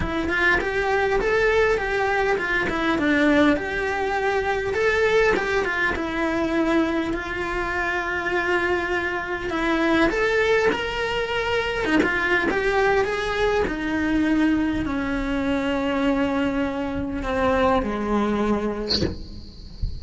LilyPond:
\new Staff \with { instrumentName = "cello" } { \time 4/4 \tempo 4 = 101 e'8 f'8 g'4 a'4 g'4 | f'8 e'8 d'4 g'2 | a'4 g'8 f'8 e'2 | f'1 |
e'4 a'4 ais'2 | dis'16 f'8. g'4 gis'4 dis'4~ | dis'4 cis'2.~ | cis'4 c'4 gis2 | }